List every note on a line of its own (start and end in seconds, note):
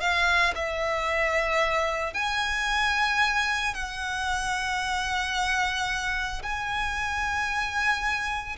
0.00 0.54 F5
0.55 2.14 E5
2.14 3.74 G#5
3.74 6.42 F#5
6.42 8.57 G#5